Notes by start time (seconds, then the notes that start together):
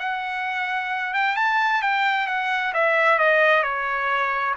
0.00 F#5
1.14 G5
1.37 A5
1.83 G5
2.28 F#5
2.74 E5
3.19 D#5
3.63 C#5